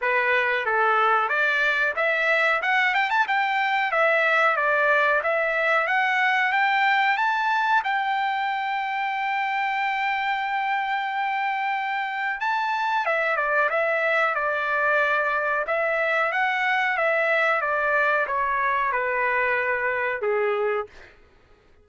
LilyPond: \new Staff \with { instrumentName = "trumpet" } { \time 4/4 \tempo 4 = 92 b'4 a'4 d''4 e''4 | fis''8 g''16 a''16 g''4 e''4 d''4 | e''4 fis''4 g''4 a''4 | g''1~ |
g''2. a''4 | e''8 d''8 e''4 d''2 | e''4 fis''4 e''4 d''4 | cis''4 b'2 gis'4 | }